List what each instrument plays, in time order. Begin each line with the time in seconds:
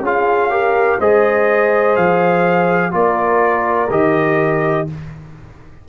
0.00 tuba C#4, trombone F4, horn G#4, trumpet F5
0.50 trombone G4, horn A#4
0.99 tuba G#3, trombone G#4, horn C5, trumpet D#5
1.96 tuba F3, trumpet F5
2.91 tuba A#3, trombone F4, horn A#4, trumpet D5
3.90 tuba D#3, trombone G4, trumpet D#5